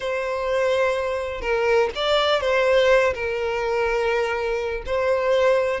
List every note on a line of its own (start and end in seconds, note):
0.00 1.41 C5
1.41 1.89 A#4
1.95 2.40 D5
2.40 3.13 C5
3.14 4.83 A#4
4.85 5.80 C5